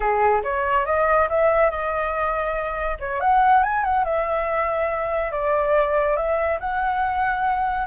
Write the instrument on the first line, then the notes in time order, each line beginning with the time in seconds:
flute
0.00 G#4
0.43 C#5
0.85 D#5
1.29 E5
1.70 D#5
2.99 C#5
3.20 F#5
3.63 G#5
3.84 F#5
4.04 E5
5.31 D5
6.16 E5
6.60 F#5